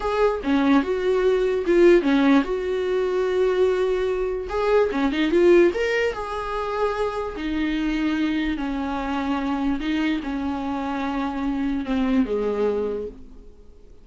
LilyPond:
\new Staff \with { instrumentName = "viola" } { \time 4/4 \tempo 4 = 147 gis'4 cis'4 fis'2 | f'4 cis'4 fis'2~ | fis'2. gis'4 | cis'8 dis'8 f'4 ais'4 gis'4~ |
gis'2 dis'2~ | dis'4 cis'2. | dis'4 cis'2.~ | cis'4 c'4 gis2 | }